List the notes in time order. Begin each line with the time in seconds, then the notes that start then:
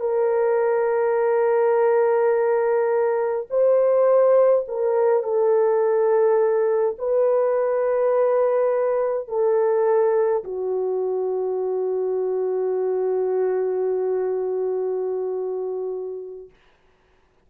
0.00 A#4
3.50 C5
4.68 A#4
5.23 A4
6.98 B4
9.28 A4
10.44 F#4